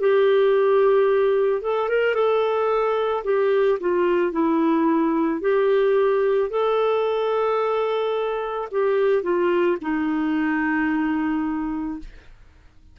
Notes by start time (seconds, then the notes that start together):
0.00 G4
1.61 A4
1.88 A#4
2.14 A4
3.24 G4
3.80 F4
4.32 E4
5.40 G4
6.50 A4
8.71 G4
9.22 F4
9.81 D#4